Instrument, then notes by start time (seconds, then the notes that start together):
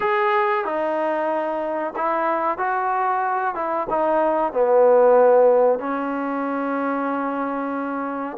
trombone
0.00 G#4
0.65 D#4
1.95 E4
2.58 F#4
3.55 E4
3.89 D#4
4.52 B3
5.79 C#4